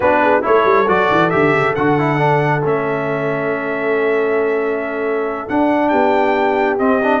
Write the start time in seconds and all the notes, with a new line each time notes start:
0.00 B3 D4 F#4 B4
0.22 G#4
0.41 A3 E4 A4 C#5
0.64 G3
0.87 F#3 F#4 D5
1.10 E3
1.30 D3 G4 E5
1.53 C#3
1.75 D3 F#4 F#5
1.98 E4
2.16 D4
2.63 A3 C#4 E5
5.48 D4 F#5
5.89 B3 G4 G5
6.78 C4 D#5
7.03 D4